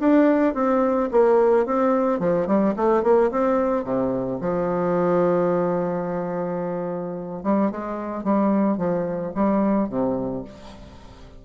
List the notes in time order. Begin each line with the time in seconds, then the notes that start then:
0.00 D4
0.54 C4
1.11 A#3
1.66 C4
2.19 F3
2.47 G3
2.76 A3
3.03 A#3
3.31 C4
3.84 C3
4.41 F3
7.43 G3
7.71 G#3
8.24 G3
8.77 F3
9.35 G3
9.89 C3